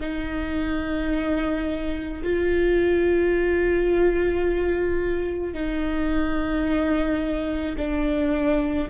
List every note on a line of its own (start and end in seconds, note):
0.00 2.22 D#4
2.23 5.53 F4
5.53 7.75 D#4
7.77 8.88 D4